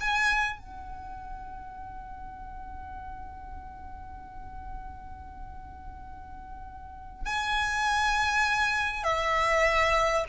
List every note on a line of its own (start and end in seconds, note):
0.00 0.59 G#5
0.59 7.26 F#5
7.26 9.04 G#5
9.04 10.25 E5